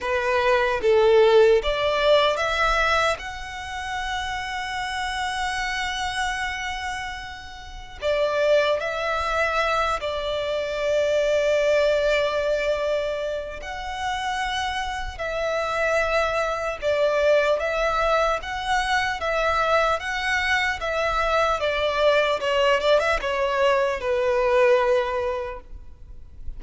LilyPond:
\new Staff \with { instrumentName = "violin" } { \time 4/4 \tempo 4 = 75 b'4 a'4 d''4 e''4 | fis''1~ | fis''2 d''4 e''4~ | e''8 d''2.~ d''8~ |
d''4 fis''2 e''4~ | e''4 d''4 e''4 fis''4 | e''4 fis''4 e''4 d''4 | cis''8 d''16 e''16 cis''4 b'2 | }